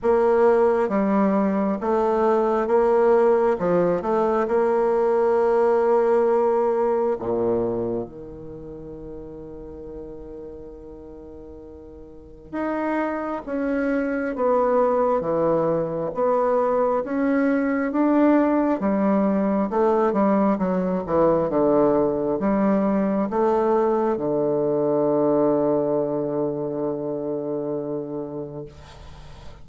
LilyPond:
\new Staff \with { instrumentName = "bassoon" } { \time 4/4 \tempo 4 = 67 ais4 g4 a4 ais4 | f8 a8 ais2. | ais,4 dis2.~ | dis2 dis'4 cis'4 |
b4 e4 b4 cis'4 | d'4 g4 a8 g8 fis8 e8 | d4 g4 a4 d4~ | d1 | }